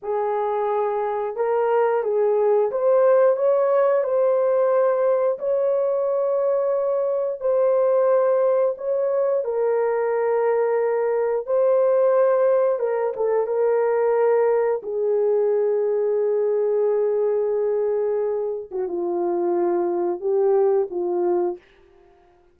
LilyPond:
\new Staff \with { instrumentName = "horn" } { \time 4/4 \tempo 4 = 89 gis'2 ais'4 gis'4 | c''4 cis''4 c''2 | cis''2. c''4~ | c''4 cis''4 ais'2~ |
ais'4 c''2 ais'8 a'8 | ais'2 gis'2~ | gis'2.~ gis'8. fis'16 | f'2 g'4 f'4 | }